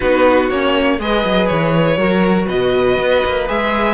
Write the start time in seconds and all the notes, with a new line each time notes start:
0.00 B3 D#4 F#4 B4
0.50 A#3 C#4 C#5
0.99 G#3 G#4 B4 D#5
1.24 F#3
1.46 E3 C#5
1.97 F#3 F#4 A#4
2.46 B2 B4 D#5
2.97 B3
3.25 A#3
3.47 G#3 G#4 E5